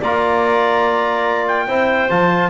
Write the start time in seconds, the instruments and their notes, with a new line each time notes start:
0.00 double bass A#3, trombone F4, clarinet D5, trumpet A#5
1.48 trumpet G5
1.67 double bass C4, trombone E4, clarinet C5
2.10 double bass F3, trombone F4, trumpet A5